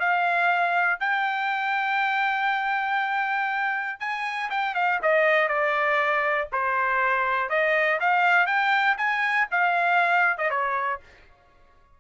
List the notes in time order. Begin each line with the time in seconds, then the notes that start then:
0.00 F5
1.00 G5
4.00 G#5
4.50 G5
4.75 F5
5.02 D#5
5.48 D5
6.52 C5
7.50 D#5
8.00 F5
8.47 G5
8.98 G#5
9.51 F5
10.38 D#5
10.50 C#5